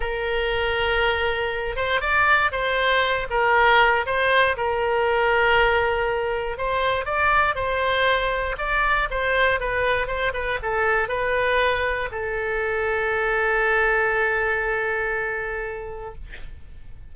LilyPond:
\new Staff \with { instrumentName = "oboe" } { \time 4/4 \tempo 4 = 119 ais'2.~ ais'8 c''8 | d''4 c''4. ais'4. | c''4 ais'2.~ | ais'4 c''4 d''4 c''4~ |
c''4 d''4 c''4 b'4 | c''8 b'8 a'4 b'2 | a'1~ | a'1 | }